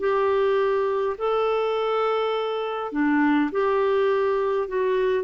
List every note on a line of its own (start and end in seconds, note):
0.00 1.17 G4
1.18 2.93 A4
2.93 3.51 D4
3.52 4.68 G4
4.68 5.25 F#4